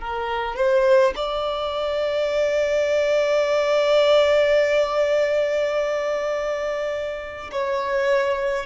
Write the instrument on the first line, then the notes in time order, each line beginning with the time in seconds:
violin
0.00 A#4
0.56 C5
1.16 D5
7.52 C#5